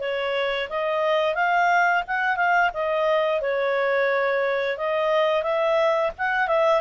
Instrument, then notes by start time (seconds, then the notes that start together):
clarinet
0.00 C#5
0.69 D#5
1.35 F5
2.07 F#5
2.36 F5
2.74 D#5
3.41 C#5
4.78 D#5
5.43 E5
6.18 F#5
6.48 E5